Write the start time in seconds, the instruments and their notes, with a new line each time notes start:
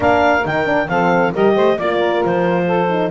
0.00 double bass A#3, horn D4, saxophone A#4, clarinet F5
0.44 double bass D#3, horn D#4, clarinet G5
0.65 horn D4
0.88 double bass F3, horn C4, saxophone A4, clarinet F5
1.33 double bass G3, horn G4, saxophone A#4, clarinet D#5
1.55 double bass A3, saxophone C5
1.77 double bass A#3, horn F4, saxophone D5, clarinet D5
1.97 saxophone A#4
2.24 double bass F3, clarinet C5
2.66 saxophone A4
2.88 horn D#4